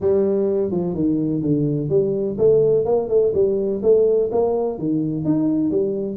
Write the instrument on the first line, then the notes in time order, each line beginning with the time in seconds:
tuba
0.00 G3
0.71 F3
0.94 D#3
1.42 D3
1.89 G3
2.38 A3
2.85 A#3
3.08 A3
3.34 G3
3.82 A3
4.31 A#3
4.78 D#3
5.24 D#4
5.71 G3